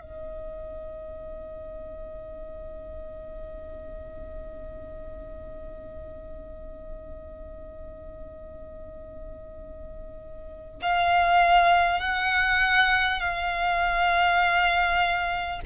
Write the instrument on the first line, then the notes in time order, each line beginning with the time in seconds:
violin
0.00 D#5
10.82 F5
11.99 F#5
13.20 F5